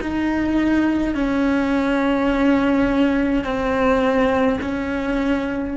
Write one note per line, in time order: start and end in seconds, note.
0.00 1.14 D#4
1.14 3.44 C#4
3.44 4.59 C4
4.61 5.76 C#4